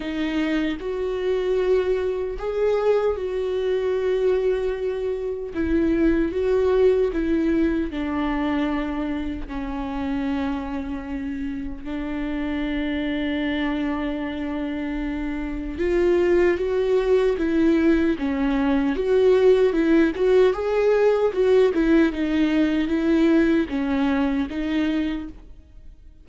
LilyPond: \new Staff \with { instrumentName = "viola" } { \time 4/4 \tempo 4 = 76 dis'4 fis'2 gis'4 | fis'2. e'4 | fis'4 e'4 d'2 | cis'2. d'4~ |
d'1 | f'4 fis'4 e'4 cis'4 | fis'4 e'8 fis'8 gis'4 fis'8 e'8 | dis'4 e'4 cis'4 dis'4 | }